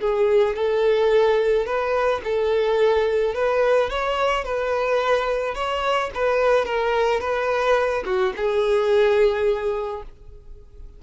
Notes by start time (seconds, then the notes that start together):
0.00 G#4
0.56 A4
1.65 B4
2.23 A4
3.34 B4
3.90 C#5
4.44 B4
5.55 C#5
6.14 B4
6.65 A#4
7.20 B4
8.05 F#4
8.36 G#4